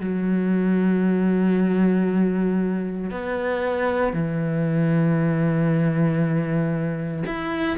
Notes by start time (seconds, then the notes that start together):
0.00 F#3
3.11 B3
4.13 E3
7.26 E4